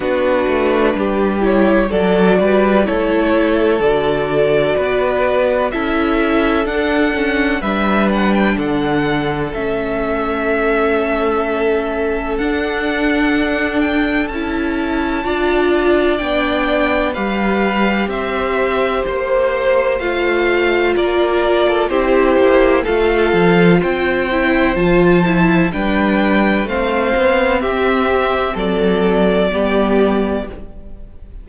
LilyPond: <<
  \new Staff \with { instrumentName = "violin" } { \time 4/4 \tempo 4 = 63 b'4. cis''8 d''4 cis''4 | d''2 e''4 fis''4 | e''8 fis''16 g''16 fis''4 e''2~ | e''4 fis''4. g''8 a''4~ |
a''4 g''4 f''4 e''4 | c''4 f''4 d''4 c''4 | f''4 g''4 a''4 g''4 | f''4 e''4 d''2 | }
  \new Staff \with { instrumentName = "violin" } { \time 4/4 fis'4 g'4 a'8 b'8 a'4~ | a'4 b'4 a'2 | b'4 a'2.~ | a'1 |
d''2 b'4 c''4~ | c''2 ais'8. a'16 g'4 | a'4 c''2 b'4 | c''4 g'4 a'4 g'4 | }
  \new Staff \with { instrumentName = "viola" } { \time 4/4 d'4. e'8 fis'4 e'4 | fis'2 e'4 d'8 cis'8 | d'2 cis'2~ | cis'4 d'2 e'4 |
f'4 d'4 g'2~ | g'4 f'2 e'4 | f'4. e'8 f'8 e'8 d'4 | c'2. b4 | }
  \new Staff \with { instrumentName = "cello" } { \time 4/4 b8 a8 g4 fis8 g8 a4 | d4 b4 cis'4 d'4 | g4 d4 a2~ | a4 d'2 cis'4 |
d'4 b4 g4 c'4 | ais4 a4 ais4 c'8 ais8 | a8 f8 c'4 f4 g4 | a8 b8 c'4 fis4 g4 | }
>>